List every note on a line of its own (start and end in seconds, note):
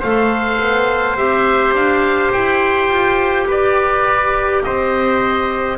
0.00 0.59 A3
0.00 1.17 A4
0.00 3.46 C5
0.00 1.17 F5
0.59 1.17 B3
1.17 1.73 C4
1.17 5.78 G4
1.17 1.74 E5
1.73 2.31 D4
1.73 2.32 F5
2.32 2.88 E4
2.32 3.48 G5
2.88 3.46 F4
3.47 4.62 G4
3.47 4.62 B4
3.47 4.63 D5
4.63 5.78 C4
4.63 5.78 C5
4.63 5.78 D#5